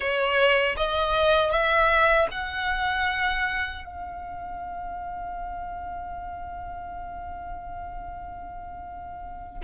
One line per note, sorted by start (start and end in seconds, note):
0.00 0.75 C#5
0.76 1.51 D#5
1.51 2.28 E5
2.31 3.85 F#5
3.85 9.62 F5